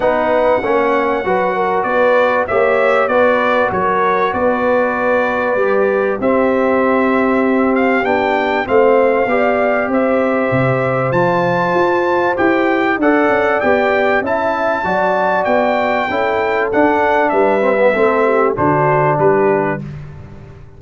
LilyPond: <<
  \new Staff \with { instrumentName = "trumpet" } { \time 4/4 \tempo 4 = 97 fis''2. d''4 | e''4 d''4 cis''4 d''4~ | d''2 e''2~ | e''8 f''8 g''4 f''2 |
e''2 a''2 | g''4 fis''4 g''4 a''4~ | a''4 g''2 fis''4 | e''2 c''4 b'4 | }
  \new Staff \with { instrumentName = "horn" } { \time 4/4 b'4 cis''4 b'8 ais'8 b'4 | cis''4 b'4 ais'4 b'4~ | b'2 g'2~ | g'2 c''4 d''4 |
c''1~ | c''4 d''2 e''4 | d''2 a'2 | b'4 a'8 g'8 fis'4 g'4 | }
  \new Staff \with { instrumentName = "trombone" } { \time 4/4 dis'4 cis'4 fis'2 | g'4 fis'2.~ | fis'4 g'4 c'2~ | c'4 d'4 c'4 g'4~ |
g'2 f'2 | g'4 a'4 g'4 e'4 | fis'2 e'4 d'4~ | d'8 c'16 b16 c'4 d'2 | }
  \new Staff \with { instrumentName = "tuba" } { \time 4/4 b4 ais4 fis4 b4 | ais4 b4 fis4 b4~ | b4 g4 c'2~ | c'4 b4 a4 b4 |
c'4 c4 f4 f'4 | e'4 d'8 cis'8 b4 cis'4 | fis4 b4 cis'4 d'4 | g4 a4 d4 g4 | }
>>